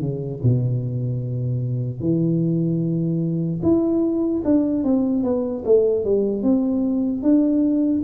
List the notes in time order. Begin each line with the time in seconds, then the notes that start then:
0.00 C#3
0.43 B2
2.00 E3
3.62 E4
4.45 D4
4.84 C4
5.23 B3
5.65 A3
6.04 G3
6.42 C4
7.23 D4